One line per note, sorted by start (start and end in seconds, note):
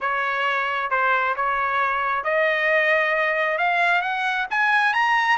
0.00 0.90 C#5
0.90 1.35 C5
1.36 2.24 C#5
2.24 3.57 D#5
3.57 4.01 F5
4.01 4.46 F#5
4.50 4.93 G#5
4.93 5.37 A#5